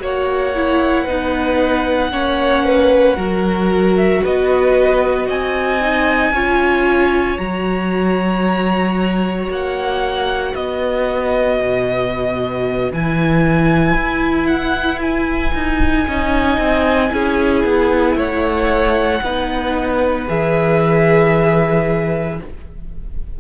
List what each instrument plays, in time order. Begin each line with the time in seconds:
0.00 cello A#3, viola F#4, violin C#5 F#5
0.55 viola E4
1.04 cello B3, viola D#4, violin B4
2.11 cello A#3, viola C#4, violin C#5
2.66 violin B4
3.17 cello F#3, viola F#4, violin A#4
3.97 violin E5
4.23 cello B3, violin B4 D#5
5.27 cello C4, violin D#5 G#5
5.81 viola D#4
6.32 cello C#4, viola F4, violin C#5
7.38 cello F#3, viola F#4, violin A#5
9.48 cello A#3, violin F#5
10.54 cello B3, violin B4 D#5
11.60 cello B2
12.92 cello E3, viola E4, violin G#5
13.95 cello E4
14.47 violin F#5
15.02 violin G#5
15.54 cello D#4
16.07 cello C#4, viola D#4, violin D#5
16.58 cello C4
17.09 cello C#4, viola E4, violin G#4
17.64 cello B3
18.16 cello A3, violin C#5 F#5
19.22 cello B3, viola D#4, violin B4
20.28 cello E3, viola G#4, violin E5